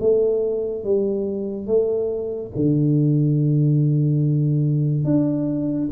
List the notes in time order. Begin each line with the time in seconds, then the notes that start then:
0.00 A3
0.84 G3
1.67 A3
2.55 D3
5.04 D4